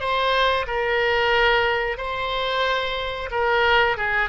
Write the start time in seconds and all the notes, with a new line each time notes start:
0.00 C5
0.67 A#4
1.97 C5
3.31 A#4
3.97 G#4